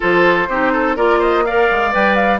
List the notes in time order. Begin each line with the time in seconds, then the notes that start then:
0.00 F3 F4 A4 C5
0.48 C4 D#4 G4
0.72 A4
0.95 A#3 F4 A#4 D5
1.19 C5 D#5
1.45 A#4 D5 F5
1.71 G#3
1.91 G3 B4 G5
2.15 F5